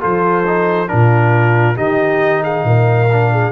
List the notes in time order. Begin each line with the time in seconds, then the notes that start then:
0.00 F3 F4 A4 C5
0.46 D#4
0.87 A#2 D4 F4 A#4
1.76 D#3 D#4 G4 D#5
2.42 G#4 F5
2.64 A#2 A#4
3.12 D4
3.32 G#4